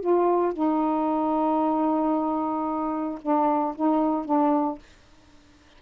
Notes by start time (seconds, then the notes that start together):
0.00 F4
0.53 D#4
3.21 D4
3.75 D#4
4.25 D4